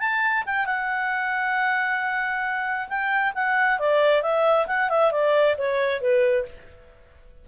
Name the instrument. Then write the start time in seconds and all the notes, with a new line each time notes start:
clarinet
0.00 A5
0.46 G5
0.66 F#5
2.89 G5
3.35 F#5
3.80 D5
4.22 E5
4.67 F#5
4.90 E5
5.12 D5
5.58 C#5
6.02 B4